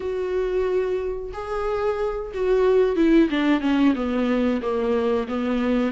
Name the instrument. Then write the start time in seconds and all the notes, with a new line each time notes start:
viola
0.00 F#4
1.33 G#4
2.34 F#4
2.96 E4
3.30 D4
3.61 C#4
3.95 B3
4.61 A#3
5.27 B3